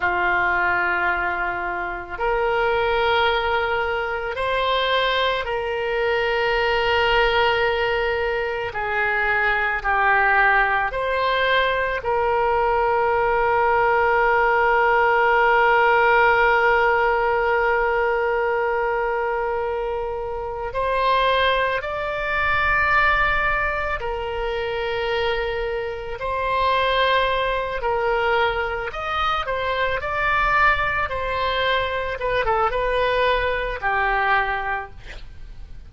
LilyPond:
\new Staff \with { instrumentName = "oboe" } { \time 4/4 \tempo 4 = 55 f'2 ais'2 | c''4 ais'2. | gis'4 g'4 c''4 ais'4~ | ais'1~ |
ais'2. c''4 | d''2 ais'2 | c''4. ais'4 dis''8 c''8 d''8~ | d''8 c''4 b'16 a'16 b'4 g'4 | }